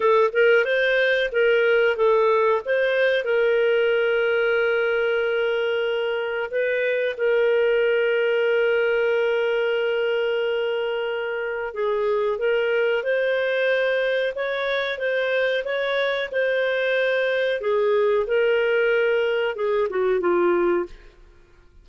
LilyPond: \new Staff \with { instrumentName = "clarinet" } { \time 4/4 \tempo 4 = 92 a'8 ais'8 c''4 ais'4 a'4 | c''4 ais'2.~ | ais'2 b'4 ais'4~ | ais'1~ |
ais'2 gis'4 ais'4 | c''2 cis''4 c''4 | cis''4 c''2 gis'4 | ais'2 gis'8 fis'8 f'4 | }